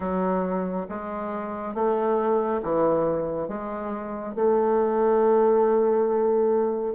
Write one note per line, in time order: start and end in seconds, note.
0.00 0.87 F#3
0.89 1.74 G#3
1.74 2.61 A3
2.62 3.47 E3
3.47 4.34 G#3
4.34 6.94 A3